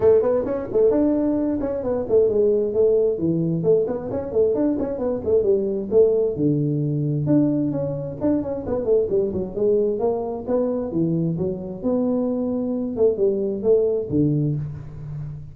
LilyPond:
\new Staff \with { instrumentName = "tuba" } { \time 4/4 \tempo 4 = 132 a8 b8 cis'8 a8 d'4. cis'8 | b8 a8 gis4 a4 e4 | a8 b8 cis'8 a8 d'8 cis'8 b8 a8 | g4 a4 d2 |
d'4 cis'4 d'8 cis'8 b8 a8 | g8 fis8 gis4 ais4 b4 | e4 fis4 b2~ | b8 a8 g4 a4 d4 | }